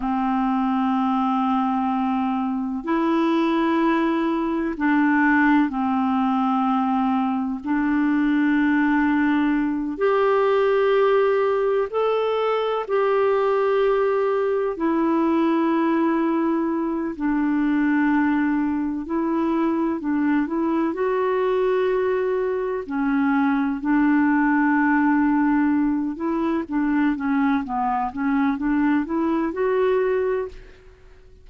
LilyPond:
\new Staff \with { instrumentName = "clarinet" } { \time 4/4 \tempo 4 = 63 c'2. e'4~ | e'4 d'4 c'2 | d'2~ d'8 g'4.~ | g'8 a'4 g'2 e'8~ |
e'2 d'2 | e'4 d'8 e'8 fis'2 | cis'4 d'2~ d'8 e'8 | d'8 cis'8 b8 cis'8 d'8 e'8 fis'4 | }